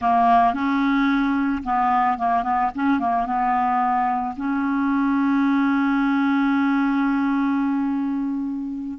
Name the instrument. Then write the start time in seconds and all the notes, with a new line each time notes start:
clarinet
0.01 A#3
0.53 C#4
1.63 B3
2.18 A#3
2.43 B3
2.74 C#4
2.99 A#3
3.26 B3
4.36 C#4